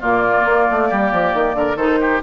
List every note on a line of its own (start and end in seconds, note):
0.00 0.45 A#2
0.00 1.78 A#3
0.00 0.88 F4
0.00 1.77 D5
0.45 0.67 A#3
0.70 0.91 A3
0.89 1.12 G3
0.89 1.56 G4
1.12 1.34 F3
1.34 1.54 D#3
1.54 1.76 D3
1.54 1.76 A#4
1.76 2.20 D#3
1.76 2.22 D#4
1.76 1.98 A4
1.76 2.21 C5
2.00 2.22 G4